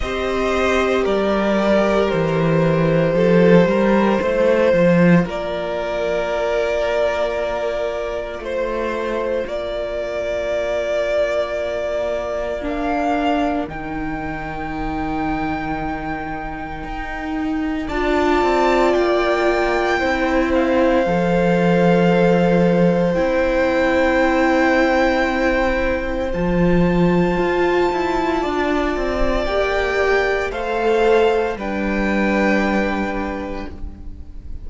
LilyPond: <<
  \new Staff \with { instrumentName = "violin" } { \time 4/4 \tempo 4 = 57 dis''4 d''4 c''2~ | c''4 d''2. | c''4 d''2. | f''4 g''2.~ |
g''4 a''4 g''4. f''8~ | f''2 g''2~ | g''4 a''2. | g''4 f''4 g''2 | }
  \new Staff \with { instrumentName = "violin" } { \time 4/4 c''4 ais'2 a'8 ais'8 | c''4 ais'2. | c''4 ais'2.~ | ais'1~ |
ais'4 d''2 c''4~ | c''1~ | c''2. d''4~ | d''4 c''4 b'2 | }
  \new Staff \with { instrumentName = "viola" } { \time 4/4 g'1 | f'1~ | f'1 | d'4 dis'2.~ |
dis'4 f'2 e'4 | a'2 e'2~ | e'4 f'2. | g'4 a'4 d'2 | }
  \new Staff \with { instrumentName = "cello" } { \time 4/4 c'4 g4 e4 f8 g8 | a8 f8 ais2. | a4 ais2.~ | ais4 dis2. |
dis'4 d'8 c'8 ais4 c'4 | f2 c'2~ | c'4 f4 f'8 e'8 d'8 c'8 | ais4 a4 g2 | }
>>